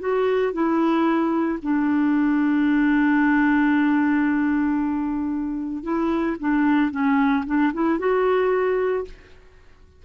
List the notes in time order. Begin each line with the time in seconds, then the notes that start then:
0.00 F#4
0.53 E4
1.63 D4
5.84 E4
6.40 D4
6.91 C#4
7.46 D4
7.74 E4
7.99 F#4